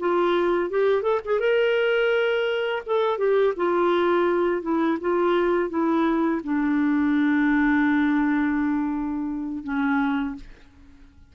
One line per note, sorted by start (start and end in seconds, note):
0.00 0.70 F4
0.70 1.03 G4
1.03 1.20 A4
1.25 1.40 G#4
1.40 2.82 A#4
2.86 3.18 A4
3.18 3.54 G4
3.57 4.62 F4
4.62 4.98 E4
5.01 5.70 F4
5.70 6.42 E4
6.44 9.64 D4
9.64 10.35 C#4